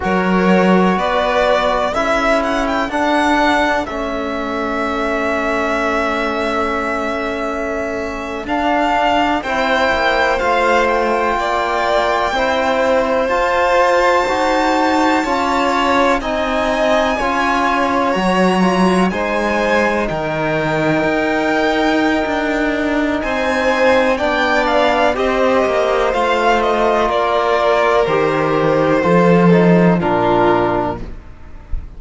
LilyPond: <<
  \new Staff \with { instrumentName = "violin" } { \time 4/4 \tempo 4 = 62 cis''4 d''4 e''8 fis''16 g''16 fis''4 | e''1~ | e''8. f''4 g''4 f''8 g''8.~ | g''4.~ g''16 a''2~ a''16~ |
a''8. gis''2 ais''4 gis''16~ | gis''8. g''2.~ g''16 | gis''4 g''8 f''8 dis''4 f''8 dis''8 | d''4 c''2 ais'4 | }
  \new Staff \with { instrumentName = "violin" } { \time 4/4 ais'4 b'4 a'2~ | a'1~ | a'4.~ a'16 c''2 d''16~ | d''8. c''2. cis''16~ |
cis''8. dis''4 cis''2 c''16~ | c''8. ais'2.~ ais'16 | c''4 d''4 c''2 | ais'2 a'4 f'4 | }
  \new Staff \with { instrumentName = "trombone" } { \time 4/4 fis'2 e'4 d'4 | cis'1~ | cis'8. d'4 e'4 f'4~ f'16~ | f'8. e'4 f'4 fis'4 f'16~ |
f'8. dis'4 f'4 fis'8 f'8 dis'16~ | dis'1~ | dis'4 d'4 g'4 f'4~ | f'4 g'4 f'8 dis'8 d'4 | }
  \new Staff \with { instrumentName = "cello" } { \time 4/4 fis4 b4 cis'4 d'4 | a1~ | a8. d'4 c'8 ais8 a4 ais16~ | ais8. c'4 f'4 dis'4 cis'16~ |
cis'8. c'4 cis'4 fis4 gis16~ | gis8. dis4 dis'4~ dis'16 d'4 | c'4 b4 c'8 ais8 a4 | ais4 dis4 f4 ais,4 | }
>>